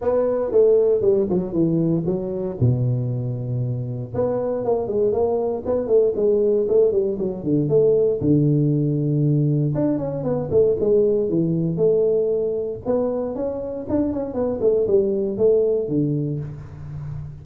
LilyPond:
\new Staff \with { instrumentName = "tuba" } { \time 4/4 \tempo 4 = 117 b4 a4 g8 fis8 e4 | fis4 b,2. | b4 ais8 gis8 ais4 b8 a8 | gis4 a8 g8 fis8 d8 a4 |
d2. d'8 cis'8 | b8 a8 gis4 e4 a4~ | a4 b4 cis'4 d'8 cis'8 | b8 a8 g4 a4 d4 | }